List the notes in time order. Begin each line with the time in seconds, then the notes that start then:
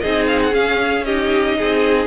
0.00 C4 D#4 G#4 D#5
0.26 F5
0.43 F#5
0.51 C#4 F5
1.04 D#4 G4 D#5
1.58 C4 G#4